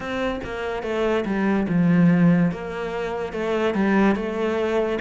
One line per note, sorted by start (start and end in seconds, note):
0.00 0.40 C4
0.44 0.83 A#3
0.83 1.24 A3
1.25 1.67 G3
1.68 2.51 F3
2.51 3.32 A#3
3.32 3.74 A3
3.74 4.15 G3
4.15 4.98 A3